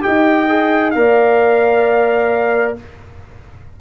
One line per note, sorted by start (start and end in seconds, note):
0.00 0.45 G4
0.00 0.96 D#5
0.00 0.91 G5
0.07 0.95 D#4
0.48 0.94 G#4
0.91 2.77 A#3
0.91 2.76 A#4
0.91 2.73 F5
0.98 2.80 D5